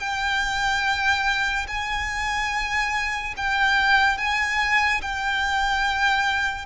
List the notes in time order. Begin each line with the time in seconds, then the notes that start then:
0.00 G5
1.68 G#5
3.37 G5
4.18 G#5
5.02 G5